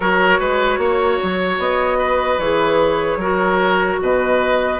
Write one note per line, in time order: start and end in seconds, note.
0.00 0.39 F#3
0.00 2.40 F#4
0.00 0.39 A#4
0.00 1.59 C#5
0.39 0.78 G#3
0.39 0.79 B4
0.78 1.18 A#3
0.78 1.98 C#5
1.23 1.58 F#3
1.58 2.38 B3
1.58 2.39 D#5
1.98 3.18 B4
2.38 3.16 E3
2.38 3.21 G#4
2.38 3.99 C#5
3.16 3.96 F#3
3.16 4.79 F#4
3.16 4.00 A#4
4.00 4.79 B2
4.00 4.79 B4
4.00 4.79 D#5